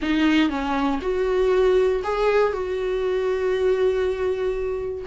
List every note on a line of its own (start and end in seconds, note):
0.01 0.49 D#4
0.49 0.99 C#4
1.01 2.02 F#4
2.03 2.52 G#4
2.52 5.04 F#4